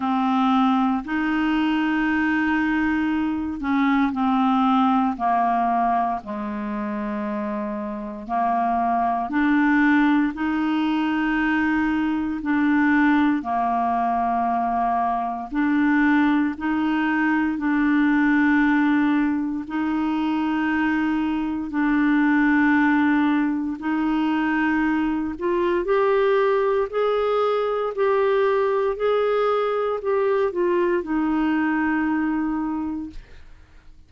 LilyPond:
\new Staff \with { instrumentName = "clarinet" } { \time 4/4 \tempo 4 = 58 c'4 dis'2~ dis'8 cis'8 | c'4 ais4 gis2 | ais4 d'4 dis'2 | d'4 ais2 d'4 |
dis'4 d'2 dis'4~ | dis'4 d'2 dis'4~ | dis'8 f'8 g'4 gis'4 g'4 | gis'4 g'8 f'8 dis'2 | }